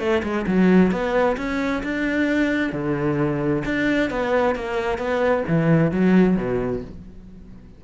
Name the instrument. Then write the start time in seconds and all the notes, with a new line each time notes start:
cello
0.00 A3
0.23 G#3
0.48 F#3
0.92 B3
1.38 C#4
1.83 D4
2.73 D3
3.65 D4
4.11 B3
4.56 A#3
4.99 B3
5.48 E3
5.92 F#3
6.37 B2